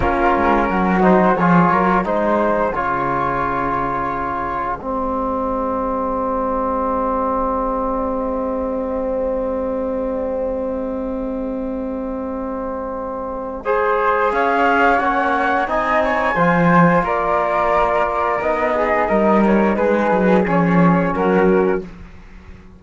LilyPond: <<
  \new Staff \with { instrumentName = "flute" } { \time 4/4 \tempo 4 = 88 ais'4. c''8 cis''4 c''4 | cis''2. dis''4~ | dis''1~ | dis''1~ |
dis''1~ | dis''4 f''4 fis''4 gis''4~ | gis''4 d''2 dis''4~ | dis''8 cis''8 b'4 cis''4 ais'4 | }
  \new Staff \with { instrumentName = "flute" } { \time 4/4 f'4 fis'4 gis'8 ais'8 gis'4~ | gis'1~ | gis'1~ | gis'1~ |
gis'1 | c''4 cis''2 dis''8 cis''8 | c''4 ais'2~ ais'8 gis'8 | ais'4 gis'2 fis'4 | }
  \new Staff \with { instrumentName = "trombone" } { \time 4/4 cis'4. dis'8 f'4 dis'4 | f'2. c'4~ | c'1~ | c'1~ |
c'1 | gis'2 cis'4 dis'4 | f'2. dis'4~ | dis'2 cis'2 | }
  \new Staff \with { instrumentName = "cello" } { \time 4/4 ais8 gis8 fis4 f8 fis8 gis4 | cis2. gis4~ | gis1~ | gis1~ |
gis1~ | gis4 cis'4 ais4 c'4 | f4 ais2 b4 | g4 gis8 fis8 f4 fis4 | }
>>